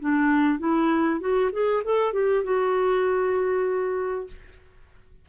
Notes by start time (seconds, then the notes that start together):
0.00 D4
0.59 E4
1.20 F#4
1.52 G#4
1.84 A4
2.13 G4
2.44 F#4